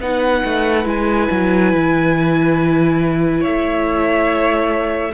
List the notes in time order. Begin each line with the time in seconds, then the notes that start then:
0.00 B3 D#4 B4 F#5
0.45 A3
0.85 G#3 E4 G#5
1.31 F#3
1.73 E3
3.41 A3 C#5 E5